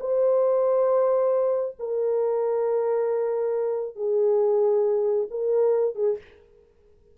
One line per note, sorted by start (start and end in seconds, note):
0.00 1.76 C5
1.79 3.96 A#4
3.96 5.28 G#4
5.30 5.95 A#4
5.95 6.17 G#4